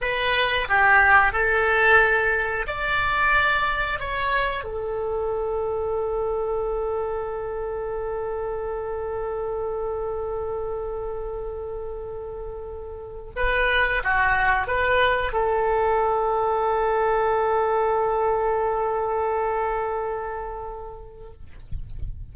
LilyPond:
\new Staff \with { instrumentName = "oboe" } { \time 4/4 \tempo 4 = 90 b'4 g'4 a'2 | d''2 cis''4 a'4~ | a'1~ | a'1~ |
a'1 | b'4 fis'4 b'4 a'4~ | a'1~ | a'1 | }